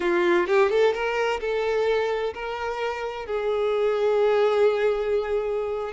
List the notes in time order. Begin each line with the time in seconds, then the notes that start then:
0.00 F4
0.47 G4
0.70 A4
0.93 A#4
1.40 A4
2.34 A#4
3.26 G#4